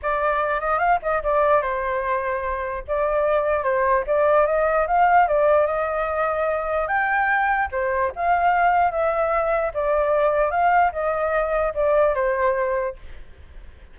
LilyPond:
\new Staff \with { instrumentName = "flute" } { \time 4/4 \tempo 4 = 148 d''4. dis''8 f''8 dis''8 d''4 | c''2. d''4~ | d''4 c''4 d''4 dis''4 | f''4 d''4 dis''2~ |
dis''4 g''2 c''4 | f''2 e''2 | d''2 f''4 dis''4~ | dis''4 d''4 c''2 | }